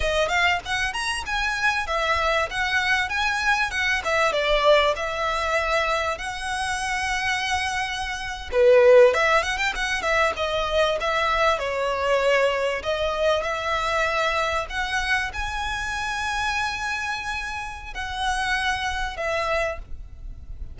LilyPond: \new Staff \with { instrumentName = "violin" } { \time 4/4 \tempo 4 = 97 dis''8 f''8 fis''8 ais''8 gis''4 e''4 | fis''4 gis''4 fis''8 e''8 d''4 | e''2 fis''2~ | fis''4.~ fis''16 b'4 e''8 fis''16 g''16 fis''16~ |
fis''16 e''8 dis''4 e''4 cis''4~ cis''16~ | cis''8. dis''4 e''2 fis''16~ | fis''8. gis''2.~ gis''16~ | gis''4 fis''2 e''4 | }